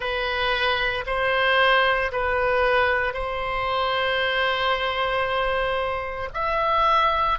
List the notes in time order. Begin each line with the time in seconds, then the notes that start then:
0.00 B4
1.06 C5
2.11 B4
3.13 C5
6.33 E5